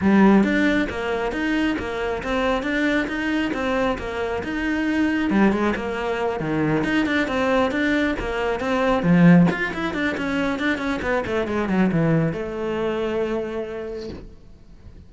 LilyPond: \new Staff \with { instrumentName = "cello" } { \time 4/4 \tempo 4 = 136 g4 d'4 ais4 dis'4 | ais4 c'4 d'4 dis'4 | c'4 ais4 dis'2 | g8 gis8 ais4. dis4 dis'8 |
d'8 c'4 d'4 ais4 c'8~ | c'8 f4 f'8 e'8 d'8 cis'4 | d'8 cis'8 b8 a8 gis8 fis8 e4 | a1 | }